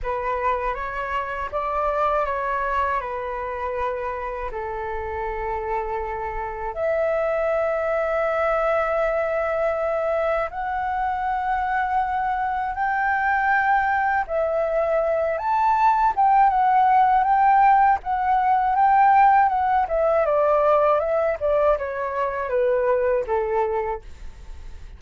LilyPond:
\new Staff \with { instrumentName = "flute" } { \time 4/4 \tempo 4 = 80 b'4 cis''4 d''4 cis''4 | b'2 a'2~ | a'4 e''2.~ | e''2 fis''2~ |
fis''4 g''2 e''4~ | e''8 a''4 g''8 fis''4 g''4 | fis''4 g''4 fis''8 e''8 d''4 | e''8 d''8 cis''4 b'4 a'4 | }